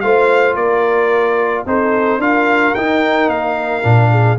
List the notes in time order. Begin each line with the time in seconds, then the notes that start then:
0.00 A3 F4 C5 F5
0.55 A#3 A#4 D5
1.66 C4 D#4 A4 C5
2.17 D4 F4 A#4 F5
2.74 D#4 G5
3.28 A#3 F5
3.82 A#2 D4
4.11 G#4